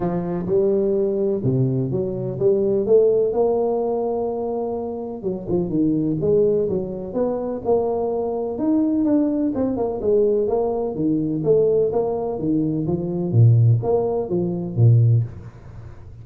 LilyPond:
\new Staff \with { instrumentName = "tuba" } { \time 4/4 \tempo 4 = 126 f4 g2 c4 | fis4 g4 a4 ais4~ | ais2. fis8 f8 | dis4 gis4 fis4 b4 |
ais2 dis'4 d'4 | c'8 ais8 gis4 ais4 dis4 | a4 ais4 dis4 f4 | ais,4 ais4 f4 ais,4 | }